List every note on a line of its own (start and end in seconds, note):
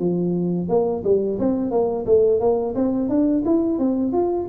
0.00 0.69 F3
0.69 1.04 A#3
1.04 1.39 G3
1.39 1.71 C4
1.71 2.06 A#3
2.07 2.40 A3
2.40 2.75 A#3
2.75 3.09 C4
3.09 3.44 D4
3.46 3.79 E4
3.79 4.13 C4
4.13 4.48 F4